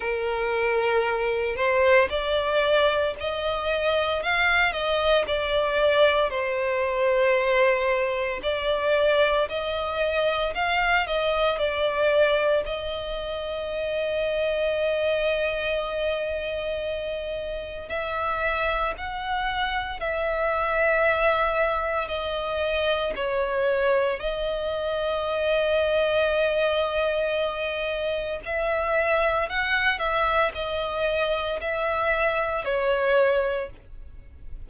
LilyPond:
\new Staff \with { instrumentName = "violin" } { \time 4/4 \tempo 4 = 57 ais'4. c''8 d''4 dis''4 | f''8 dis''8 d''4 c''2 | d''4 dis''4 f''8 dis''8 d''4 | dis''1~ |
dis''4 e''4 fis''4 e''4~ | e''4 dis''4 cis''4 dis''4~ | dis''2. e''4 | fis''8 e''8 dis''4 e''4 cis''4 | }